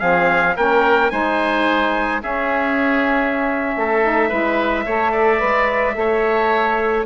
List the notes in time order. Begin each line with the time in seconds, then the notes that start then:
0.00 F3 C4 G#4 F5
0.56 A#3 C#4 A#4 G5
1.11 G#3 D#4 C5 G#5
2.21 C#4 G#4 E5
3.77 A3 A4
4.03 D#4
4.29 G#3 E4 B4
4.86 A3 A4 C#5
5.12 D5
5.38 G#3 B4
5.95 A3 A4 C#5